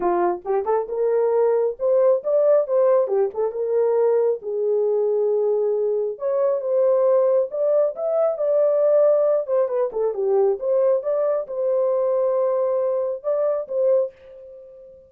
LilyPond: \new Staff \with { instrumentName = "horn" } { \time 4/4 \tempo 4 = 136 f'4 g'8 a'8 ais'2 | c''4 d''4 c''4 g'8 a'8 | ais'2 gis'2~ | gis'2 cis''4 c''4~ |
c''4 d''4 e''4 d''4~ | d''4. c''8 b'8 a'8 g'4 | c''4 d''4 c''2~ | c''2 d''4 c''4 | }